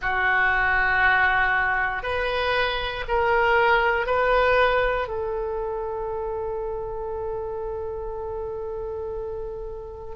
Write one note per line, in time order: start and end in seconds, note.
0.01 2.02 F#4
2.02 3.04 B4
3.07 4.06 A#4
4.06 5.08 B4
5.08 10.15 A4